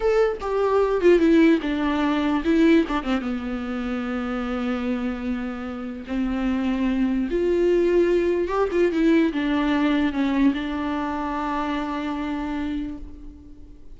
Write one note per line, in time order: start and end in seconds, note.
0.00 0.38 A4
0.40 1.01 G4
1.01 1.18 F4
1.18 1.59 E4
1.62 2.43 D4
2.44 2.85 E4
2.87 3.03 D4
3.03 3.21 C4
3.21 6.04 B3
6.07 7.29 C4
7.30 8.48 F4
8.48 8.68 G4
8.71 8.92 F4
8.92 9.32 E4
9.32 10.12 D4
10.12 10.53 C#4
10.54 12.97 D4